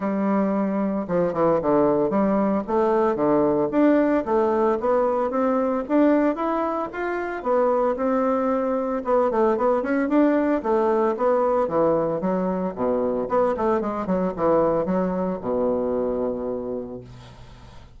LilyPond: \new Staff \with { instrumentName = "bassoon" } { \time 4/4 \tempo 4 = 113 g2 f8 e8 d4 | g4 a4 d4 d'4 | a4 b4 c'4 d'4 | e'4 f'4 b4 c'4~ |
c'4 b8 a8 b8 cis'8 d'4 | a4 b4 e4 fis4 | b,4 b8 a8 gis8 fis8 e4 | fis4 b,2. | }